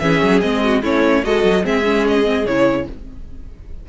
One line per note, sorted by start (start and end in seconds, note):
0.00 0.22 E3
0.00 0.42 C#4
0.00 0.64 G#4
0.00 0.41 E5
0.23 0.44 F#3
0.41 0.84 G#3
0.41 0.83 C4
0.41 0.82 D#5
0.64 0.82 F#4
0.82 1.24 A3
0.82 1.24 C#4
0.82 1.23 E4
0.82 1.25 C#5
1.24 1.44 G#3
1.24 1.63 F#4
1.24 1.65 A4
1.24 1.66 D#5
1.44 1.65 F#3
1.63 2.46 G#3
1.63 1.83 C4
1.63 2.87 G#4
1.63 2.08 E5
1.84 2.25 C#4
2.08 2.47 D#5
2.25 2.46 C4
2.46 2.87 C#3
2.46 2.89 E4
2.46 2.87 C#5